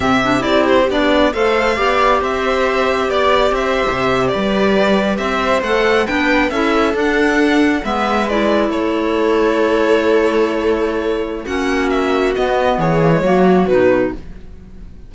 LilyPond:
<<
  \new Staff \with { instrumentName = "violin" } { \time 4/4 \tempo 4 = 136 e''4 d''8 c''8 d''4 f''4~ | f''4 e''2 d''4 | e''4.~ e''16 d''2 e''16~ | e''8. fis''4 g''4 e''4 fis''16~ |
fis''4.~ fis''16 e''4 d''4 cis''16~ | cis''1~ | cis''2 fis''4 e''4 | dis''4 cis''2 b'4 | }
  \new Staff \with { instrumentName = "viola" } { \time 4/4 g'2. c''4 | d''4 c''2 d''4 | c''4.~ c''16 b'2 c''16~ | c''4.~ c''16 b'4 a'4~ a'16~ |
a'4.~ a'16 b'2 a'16~ | a'1~ | a'2 fis'2~ | fis'4 gis'4 fis'2 | }
  \new Staff \with { instrumentName = "clarinet" } { \time 4/4 c'8 d'8 e'4 d'4 a'4 | g'1~ | g'1~ | g'8. a'4 d'4 e'4 d'16~ |
d'4.~ d'16 b4 e'4~ e'16~ | e'1~ | e'2 cis'2 | b4. ais16 gis16 ais4 dis'4 | }
  \new Staff \with { instrumentName = "cello" } { \time 4/4 c4 c'4 b4 a4 | b4 c'2 b4 | c'8. c4 g2 c'16~ | c'8. a4 b4 cis'4 d'16~ |
d'4.~ d'16 gis2 a16~ | a1~ | a2 ais2 | b4 e4 fis4 b,4 | }
>>